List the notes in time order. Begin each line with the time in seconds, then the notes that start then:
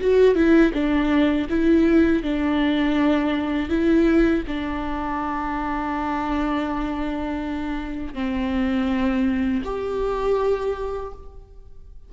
0.00 F#4
0.35 E4
0.73 D4
1.49 E4
2.23 D4
3.69 E4
4.47 D4
8.14 C4
9.64 G4